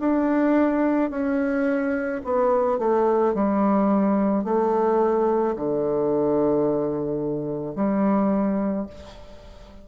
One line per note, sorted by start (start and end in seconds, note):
0.00 1.10 D4
1.10 2.21 C#4
2.24 2.79 B3
2.79 3.34 A3
3.34 4.44 G3
4.44 5.55 A3
5.56 7.75 D3
7.75 8.86 G3